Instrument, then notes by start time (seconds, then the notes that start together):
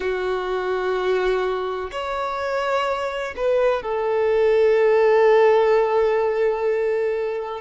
violin
0.00 F#4
1.91 C#5
3.36 B4
3.82 A4